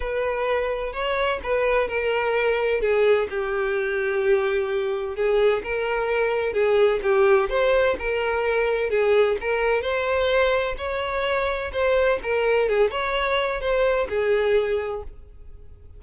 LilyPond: \new Staff \with { instrumentName = "violin" } { \time 4/4 \tempo 4 = 128 b'2 cis''4 b'4 | ais'2 gis'4 g'4~ | g'2. gis'4 | ais'2 gis'4 g'4 |
c''4 ais'2 gis'4 | ais'4 c''2 cis''4~ | cis''4 c''4 ais'4 gis'8 cis''8~ | cis''4 c''4 gis'2 | }